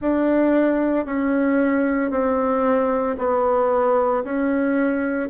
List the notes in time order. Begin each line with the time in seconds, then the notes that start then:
0.01 D4
1.05 C#4
2.11 C4
3.18 B3
4.23 C#4